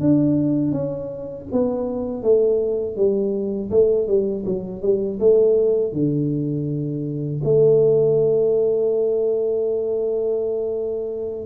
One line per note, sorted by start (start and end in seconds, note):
0.00 0.72 D4
0.72 1.46 C#4
1.52 2.23 B3
2.23 2.96 A3
2.96 3.70 G3
3.70 4.07 A3
4.07 4.44 G3
4.45 4.82 F#3
4.82 5.19 G3
5.19 5.93 A3
5.93 7.41 D3
7.44 11.45 A3